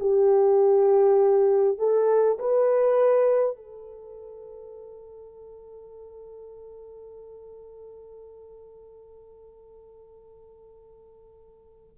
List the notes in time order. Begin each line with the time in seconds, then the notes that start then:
0.00 G4
1.78 A4
2.39 B4
3.57 A4